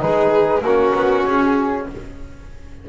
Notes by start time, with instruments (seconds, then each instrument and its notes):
0.00 double bass G#3, trombone D#4, violin G#4, flute B4
0.62 double bass A#3, trombone C#4, violin F#4, flute A#4
0.94 double bass B3
1.25 double bass C#4, flute G#4